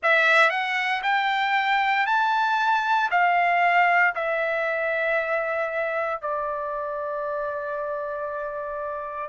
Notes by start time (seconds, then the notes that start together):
0.02 E5
0.50 F#5
1.03 G5
2.06 A5
3.10 F5
4.15 E5
6.21 D5